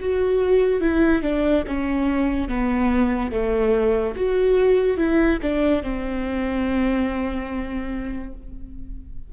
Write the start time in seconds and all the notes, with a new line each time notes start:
0.00 F#4
0.81 E4
1.22 D4
1.67 C#4
2.48 B3
3.31 A3
4.16 F#4
4.97 E4
5.42 D4
5.83 C4